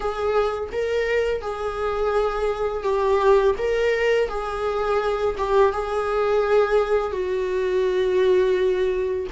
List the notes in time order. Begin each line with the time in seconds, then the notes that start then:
0.00 G#4
0.72 A#4
1.41 G#4
2.83 G4
3.58 A#4
4.29 G#4
5.37 G4
5.72 G#4
7.12 F#4